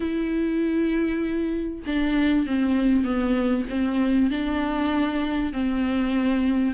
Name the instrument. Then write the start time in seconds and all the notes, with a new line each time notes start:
viola
0.00 E4
1.86 D4
2.46 C4
3.04 B3
3.69 C4
4.30 D4
5.52 C4